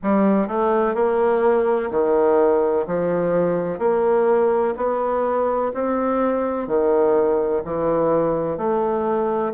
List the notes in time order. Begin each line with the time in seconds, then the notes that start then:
0.03 G3
0.47 A3
0.94 A#3
1.90 D#3
2.87 F3
3.78 A#3
4.76 B3
5.74 C4
6.67 D#3
7.64 E3
8.57 A3